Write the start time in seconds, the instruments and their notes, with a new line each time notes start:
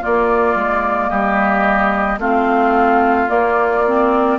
0.00 clarinet A#3, bassoon A#3, oboe F4, flute D5
0.55 bassoon G#3
1.09 bassoon G3, oboe G4, flute D#5
2.18 bassoon A3, clarinet C4, oboe F4, flute F5
3.29 clarinet A#3, bassoon A#3, flute D5
3.86 clarinet C4